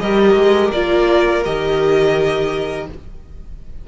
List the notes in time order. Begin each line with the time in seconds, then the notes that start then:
0.00 G3 G4 A#4 D#5
0.35 G#3
0.72 A#3 F4 D5
1.45 D#3 G4 D#5